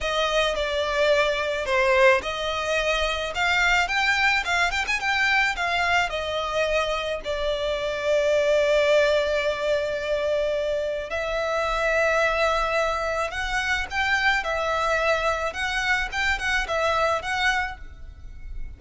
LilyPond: \new Staff \with { instrumentName = "violin" } { \time 4/4 \tempo 4 = 108 dis''4 d''2 c''4 | dis''2 f''4 g''4 | f''8 g''16 gis''16 g''4 f''4 dis''4~ | dis''4 d''2.~ |
d''1 | e''1 | fis''4 g''4 e''2 | fis''4 g''8 fis''8 e''4 fis''4 | }